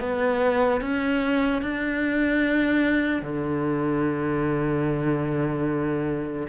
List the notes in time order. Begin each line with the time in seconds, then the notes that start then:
0.00 B3
0.81 C#4
1.62 D4
3.22 D3